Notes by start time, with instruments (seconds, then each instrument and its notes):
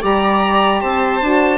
0.00 bassoon G3, saxophone G4, viola D5, violin A#5
0.80 bassoon C4, viola C5, violin A5
1.21 bassoon D4, saxophone F#4